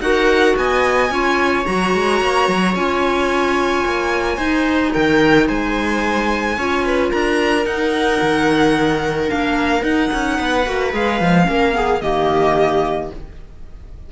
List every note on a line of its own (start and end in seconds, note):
0.00 0.55 D#4
0.00 1.10 F#4
0.00 0.59 A#4
0.00 0.56 F#5
0.56 1.10 B3
0.56 1.12 D#5
0.56 1.66 G#5
1.10 1.65 C#4
1.10 1.65 F4
1.10 4.37 C#5
1.65 1.94 F#3
1.65 2.75 F#4
1.65 2.75 A#5
1.94 2.21 G#3
2.21 2.48 A#3
2.49 2.75 F#3
2.75 3.84 C#4
2.75 4.39 F4
2.75 4.93 G#5
3.85 4.38 A#3
4.37 4.92 D#4
4.37 6.58 D#4
4.37 4.92 C5
4.93 5.49 D#3
4.93 5.48 A#4
4.93 5.48 G5
5.48 6.57 G#3
5.48 6.57 C5
5.48 7.11 G#5
6.57 7.12 C#4
6.57 7.65 F4
6.57 6.84 C#5
6.84 7.11 B4
7.11 7.66 D4
7.11 10.37 A#4
7.11 7.66 A#5
7.65 9.26 D#4
7.65 8.20 D#4
7.65 9.30 F#5
8.22 9.31 D#3
9.26 9.83 A#3
9.26 9.81 D4
9.26 9.84 F5
9.81 10.63 D#4
9.81 10.10 D#4
9.81 10.93 F#5
10.14 10.39 C#4
10.37 10.66 B3
10.37 11.46 B4
10.65 10.93 A#3
10.65 10.92 F#4
10.92 11.21 G#3
10.92 11.19 G#4
10.92 12.01 F5
11.19 11.48 F3
11.19 11.45 G#3
11.45 12.02 A#3
11.45 11.72 C#4
11.45 11.75 A#4
11.72 11.99 B3
11.72 12.02 G#4
12.01 13.11 D#3
12.01 13.11 A#3
12.01 13.12 G4
12.01 13.10 D#5